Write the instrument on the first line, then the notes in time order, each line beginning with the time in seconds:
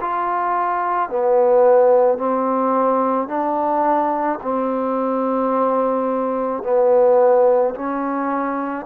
trombone
0.00 F4
1.09 B3
2.18 C4
3.27 D4
4.42 C4
6.63 B3
7.75 C#4